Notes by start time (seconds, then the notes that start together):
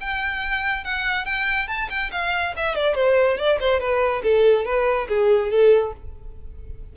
0.00 G5
0.84 F#5
1.25 G5
1.67 A5
1.89 G5
2.11 F5
2.56 E5
2.75 D5
2.95 C5
3.37 D5
3.60 C5
3.80 B4
4.23 A4
4.65 B4
5.08 G#4
5.50 A4